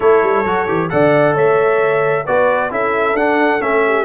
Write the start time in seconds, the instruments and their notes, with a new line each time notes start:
0.00 tuba A3, trombone E4, horn A4, trumpet C#5
0.22 tuba G3
0.44 tuba F#3, trombone F#4
0.67 tuba E3, trombone G4
0.89 tuba D3, trombone A4, horn D5, trumpet F#5
1.34 tuba A3, horn C#5, trumpet E5
2.25 tuba B3, trombone F#4, horn B4, trumpet D5
2.70 tuba C#4, trombone E4, horn A4, trumpet E5
3.13 tuba D4, trombone D4, trumpet F#5
3.60 tuba A3, trombone C#4, trumpet E5
3.86 horn G4